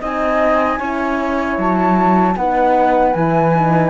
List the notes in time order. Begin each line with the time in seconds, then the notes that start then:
0.00 C4 D#4 D#5 G#5
0.79 C#4 E4 C#5
1.57 F#3 A5
2.35 B3 D#4 B4 F#5
3.12 E3 E4 G#5
3.54 D#4